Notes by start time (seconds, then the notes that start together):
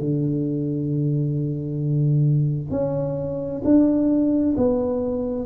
0.00 D3
2.71 C#4
3.64 D4
4.57 B3